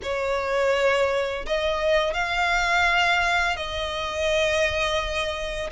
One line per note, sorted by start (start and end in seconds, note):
0.02 1.45 C#5
1.45 2.13 D#5
2.13 3.56 F5
3.56 5.70 D#5